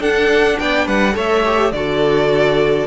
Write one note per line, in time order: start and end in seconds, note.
0.00 1.12 D4
0.00 0.58 D4
0.00 0.58 A4
0.00 0.59 F#5
0.59 0.87 B3
0.59 0.85 D5
0.59 0.87 G5
0.85 1.16 G3
0.85 1.14 B4
0.85 1.16 F#5
1.12 1.72 A3
1.12 1.41 A4
1.12 1.73 C#5
1.12 1.72 E5
1.46 1.75 G4
1.72 2.87 D3
1.72 2.87 F#4
1.72 2.87 A4
1.72 2.87 D5